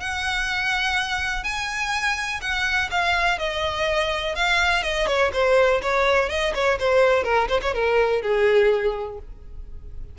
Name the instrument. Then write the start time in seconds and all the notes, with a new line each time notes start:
violin
0.00 F#5
1.44 G#5
2.41 F#5
2.91 F5
3.38 D#5
4.35 F5
4.83 D#5
5.07 C#5
5.33 C5
5.82 C#5
6.29 D#5
6.54 C#5
6.79 C5
7.24 A#4
7.48 C5
7.62 C#5
7.74 A#4
8.22 G#4